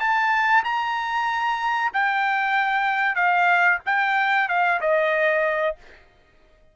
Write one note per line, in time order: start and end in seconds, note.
0.00 0.64 A5
0.64 1.92 A#5
1.94 3.16 G5
3.16 3.79 F5
3.86 4.49 G5
4.49 4.80 F5
4.81 5.76 D#5